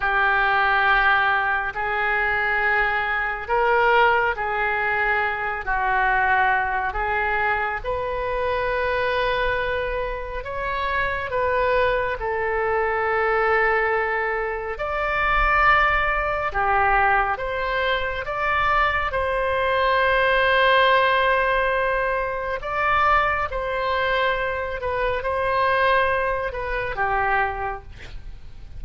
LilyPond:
\new Staff \with { instrumentName = "oboe" } { \time 4/4 \tempo 4 = 69 g'2 gis'2 | ais'4 gis'4. fis'4. | gis'4 b'2. | cis''4 b'4 a'2~ |
a'4 d''2 g'4 | c''4 d''4 c''2~ | c''2 d''4 c''4~ | c''8 b'8 c''4. b'8 g'4 | }